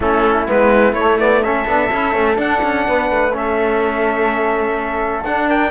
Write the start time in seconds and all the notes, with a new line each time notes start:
0.00 A3 C#4 E4 A4
0.47 G#3 B3 B4
0.93 A3 C#5
0.99 A3
1.19 B3 D5
1.43 C#4 A4 E5
1.66 B3 D4
1.91 C#4 E4
2.12 A3 C#4
2.35 D4 F#5
2.63 C#4
2.88 B3 B4
3.10 A3
3.33 C#4 A4 E5
5.24 D4 F#5
5.47 A#4 G5